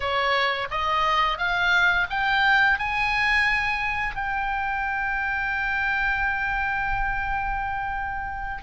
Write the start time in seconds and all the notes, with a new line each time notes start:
0.00 C#5
0.71 D#5
1.38 F5
2.09 G5
2.78 G#5
4.15 G5